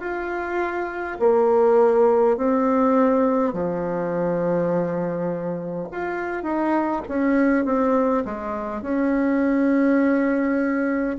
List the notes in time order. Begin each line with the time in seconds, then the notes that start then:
0.00 F4
1.19 A#3
2.36 C4
3.52 F3
5.91 F4
6.43 D#4
7.08 C#4
7.65 C4
8.25 G#3
8.81 C#4